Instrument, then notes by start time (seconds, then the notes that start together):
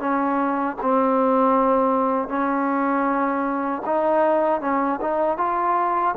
trombone
0.00 C#4
0.82 C4
2.29 C#4
3.86 D#4
4.61 C#4
5.01 D#4
5.38 F4